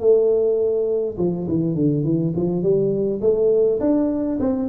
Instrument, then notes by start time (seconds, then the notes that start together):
tuba
0.00 A3
1.18 F3
1.48 E3
1.75 D3
2.04 E3
2.36 F3
2.62 G3
3.21 A3
3.80 D4
4.40 C4